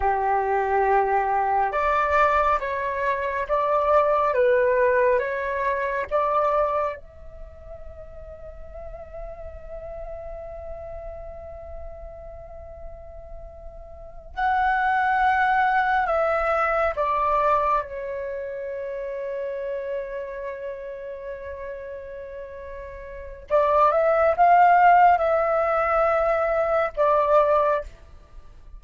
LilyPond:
\new Staff \with { instrumentName = "flute" } { \time 4/4 \tempo 4 = 69 g'2 d''4 cis''4 | d''4 b'4 cis''4 d''4 | e''1~ | e''1~ |
e''8 fis''2 e''4 d''8~ | d''8 cis''2.~ cis''8~ | cis''2. d''8 e''8 | f''4 e''2 d''4 | }